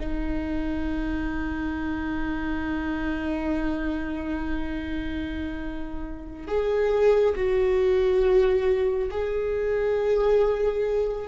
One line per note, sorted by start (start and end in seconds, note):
0.00 6.48 D#4
6.48 7.35 G#4
7.36 9.10 F#4
9.11 11.28 G#4